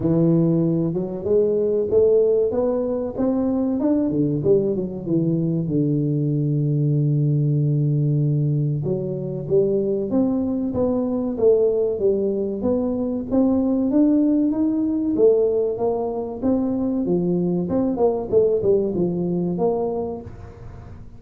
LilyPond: \new Staff \with { instrumentName = "tuba" } { \time 4/4 \tempo 4 = 95 e4. fis8 gis4 a4 | b4 c'4 d'8 d8 g8 fis8 | e4 d2.~ | d2 fis4 g4 |
c'4 b4 a4 g4 | b4 c'4 d'4 dis'4 | a4 ais4 c'4 f4 | c'8 ais8 a8 g8 f4 ais4 | }